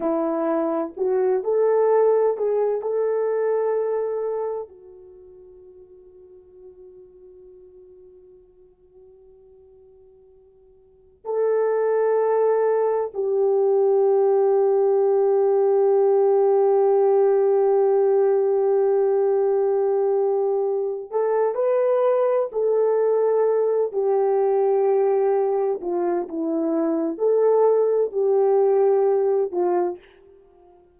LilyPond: \new Staff \with { instrumentName = "horn" } { \time 4/4 \tempo 4 = 64 e'4 fis'8 a'4 gis'8 a'4~ | a'4 fis'2.~ | fis'1 | a'2 g'2~ |
g'1~ | g'2~ g'8 a'8 b'4 | a'4. g'2 f'8 | e'4 a'4 g'4. f'8 | }